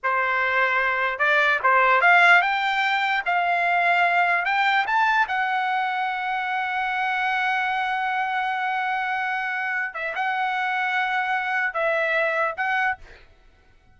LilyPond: \new Staff \with { instrumentName = "trumpet" } { \time 4/4 \tempo 4 = 148 c''2. d''4 | c''4 f''4 g''2 | f''2. g''4 | a''4 fis''2.~ |
fis''1~ | fis''1~ | fis''8 e''8 fis''2.~ | fis''4 e''2 fis''4 | }